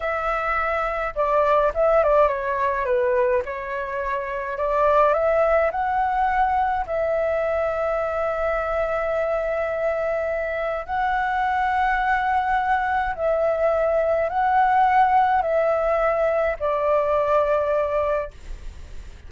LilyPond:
\new Staff \with { instrumentName = "flute" } { \time 4/4 \tempo 4 = 105 e''2 d''4 e''8 d''8 | cis''4 b'4 cis''2 | d''4 e''4 fis''2 | e''1~ |
e''2. fis''4~ | fis''2. e''4~ | e''4 fis''2 e''4~ | e''4 d''2. | }